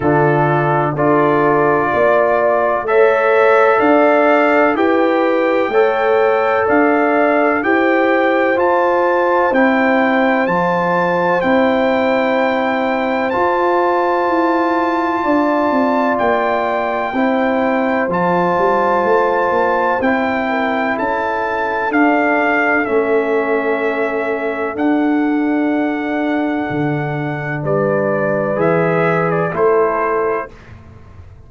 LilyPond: <<
  \new Staff \with { instrumentName = "trumpet" } { \time 4/4 \tempo 4 = 63 a'4 d''2 e''4 | f''4 g''2 f''4 | g''4 a''4 g''4 a''4 | g''2 a''2~ |
a''4 g''2 a''4~ | a''4 g''4 a''4 f''4 | e''2 fis''2~ | fis''4 d''4 e''8. d''16 c''4 | }
  \new Staff \with { instrumentName = "horn" } { \time 4/4 f'4 a'4 d''4 cis''4 | d''4 b'4 cis''4 d''4 | c''1~ | c''1 |
d''2 c''2~ | c''4. ais'8 a'2~ | a'1~ | a'4 b'2 a'4 | }
  \new Staff \with { instrumentName = "trombone" } { \time 4/4 d'4 f'2 a'4~ | a'4 g'4 a'2 | g'4 f'4 e'4 f'4 | e'2 f'2~ |
f'2 e'4 f'4~ | f'4 e'2 d'4 | cis'2 d'2~ | d'2 gis'4 e'4 | }
  \new Staff \with { instrumentName = "tuba" } { \time 4/4 d4 d'4 ais4 a4 | d'4 e'4 a4 d'4 | e'4 f'4 c'4 f4 | c'2 f'4 e'4 |
d'8 c'8 ais4 c'4 f8 g8 | a8 ais8 c'4 cis'4 d'4 | a2 d'2 | d4 g4 e4 a4 | }
>>